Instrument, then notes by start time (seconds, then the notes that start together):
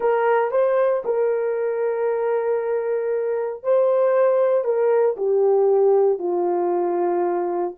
horn
0.00 A#4
0.51 C5
1.04 A#4
3.63 C5
4.64 A#4
5.17 G4
6.18 F4